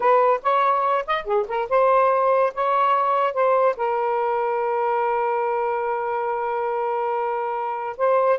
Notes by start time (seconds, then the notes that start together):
0.00 B4
0.42 C#5
1.07 D#5
1.25 G#4
1.48 A#4
1.69 C5
2.54 C#5
3.33 C5
3.76 A#4
7.97 C5